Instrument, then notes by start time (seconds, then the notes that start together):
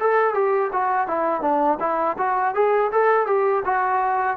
trombone
0.00 A4
0.34 G4
0.73 F#4
1.08 E4
1.42 D4
1.80 E4
2.18 F#4
2.55 G#4
2.92 A4
3.27 G4
3.65 F#4